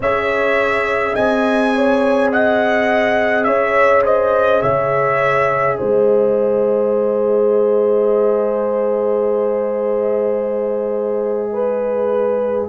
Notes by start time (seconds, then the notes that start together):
0.00 C#4 G#4 C#5 E5
1.13 C4 D#5 G#5
1.74 C#5
2.31 D#5 F#5
3.44 C#4 C#5 E5
4.04 C5 D#5
4.61 C#3 C#5 E5
5.77 G#3 C5 D#5
11.52 B4